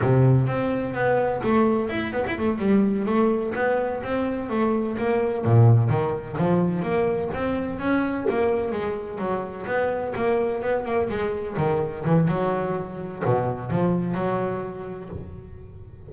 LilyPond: \new Staff \with { instrumentName = "double bass" } { \time 4/4 \tempo 4 = 127 c4 c'4 b4 a4 | e'8 b16 e'16 a8 g4 a4 b8~ | b8 c'4 a4 ais4 ais,8~ | ais,8 dis4 f4 ais4 c'8~ |
c'8 cis'4 ais4 gis4 fis8~ | fis8 b4 ais4 b8 ais8 gis8~ | gis8 dis4 e8 fis2 | b,4 f4 fis2 | }